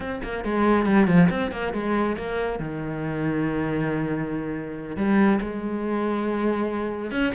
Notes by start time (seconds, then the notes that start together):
0.00 C4
0.23 A#3
0.44 G#3
0.86 G3
1.07 F3
1.29 C4
1.51 A#3
1.73 G#3
2.16 A#3
2.59 D#3
4.96 G3
5.41 G#3
7.11 C#4